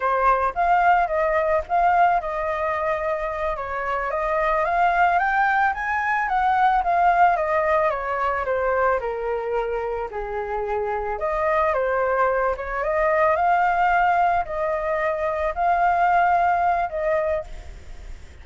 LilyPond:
\new Staff \with { instrumentName = "flute" } { \time 4/4 \tempo 4 = 110 c''4 f''4 dis''4 f''4 | dis''2~ dis''8 cis''4 dis''8~ | dis''8 f''4 g''4 gis''4 fis''8~ | fis''8 f''4 dis''4 cis''4 c''8~ |
c''8 ais'2 gis'4.~ | gis'8 dis''4 c''4. cis''8 dis''8~ | dis''8 f''2 dis''4.~ | dis''8 f''2~ f''8 dis''4 | }